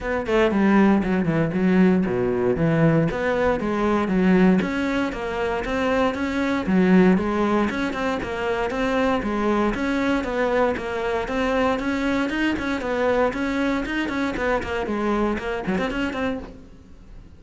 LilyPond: \new Staff \with { instrumentName = "cello" } { \time 4/4 \tempo 4 = 117 b8 a8 g4 fis8 e8 fis4 | b,4 e4 b4 gis4 | fis4 cis'4 ais4 c'4 | cis'4 fis4 gis4 cis'8 c'8 |
ais4 c'4 gis4 cis'4 | b4 ais4 c'4 cis'4 | dis'8 cis'8 b4 cis'4 dis'8 cis'8 | b8 ais8 gis4 ais8 fis16 c'16 cis'8 c'8 | }